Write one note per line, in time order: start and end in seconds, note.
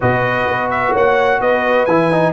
0.00 0.47 B2
0.00 1.88 F#4
0.00 0.89 B4
0.00 0.70 D#5
0.47 0.94 B3
0.70 0.93 E5
0.92 1.40 A#3
0.92 1.39 C#5
0.92 1.41 F#5
1.40 1.87 B3
1.40 2.32 B4
1.40 1.85 D#5
1.85 2.32 E3
1.85 2.11 E4
1.85 2.32 G#5
2.11 2.32 D#4